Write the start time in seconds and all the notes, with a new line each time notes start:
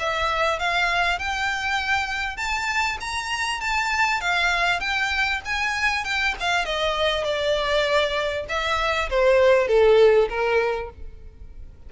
0.00 E5
0.60 F5
1.19 G5
2.37 A5
3.01 A#5
3.61 A5
4.21 F5
4.80 G5
5.45 G#5
6.05 G5
6.40 F5
6.66 D#5
7.24 D5
8.49 E5
9.10 C5
9.68 A4
10.29 A#4